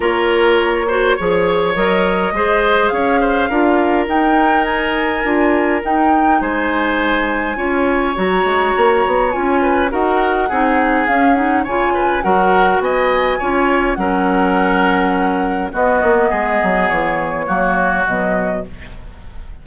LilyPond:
<<
  \new Staff \with { instrumentName = "flute" } { \time 4/4 \tempo 4 = 103 cis''2. dis''4~ | dis''4 f''2 g''4 | gis''2 g''4 gis''4~ | gis''2 ais''2 |
gis''4 fis''2 f''8 fis''8 | gis''4 fis''4 gis''2 | fis''2. dis''4~ | dis''4 cis''2 dis''4 | }
  \new Staff \with { instrumentName = "oboe" } { \time 4/4 ais'4. c''8 cis''2 | c''4 cis''8 c''8 ais'2~ | ais'2. c''4~ | c''4 cis''2.~ |
cis''8 b'8 ais'4 gis'2 | cis''8 b'8 ais'4 dis''4 cis''4 | ais'2. fis'4 | gis'2 fis'2 | }
  \new Staff \with { instrumentName = "clarinet" } { \time 4/4 f'4. fis'8 gis'4 ais'4 | gis'2 f'4 dis'4~ | dis'4 f'4 dis'2~ | dis'4 f'4 fis'2 |
f'4 fis'4 dis'4 cis'8 dis'8 | f'4 fis'2 f'4 | cis'2. b4~ | b2 ais4 fis4 | }
  \new Staff \with { instrumentName = "bassoon" } { \time 4/4 ais2 f4 fis4 | gis4 cis'4 d'4 dis'4~ | dis'4 d'4 dis'4 gis4~ | gis4 cis'4 fis8 gis8 ais8 b8 |
cis'4 dis'4 c'4 cis'4 | cis4 fis4 b4 cis'4 | fis2. b8 ais8 | gis8 fis8 e4 fis4 b,4 | }
>>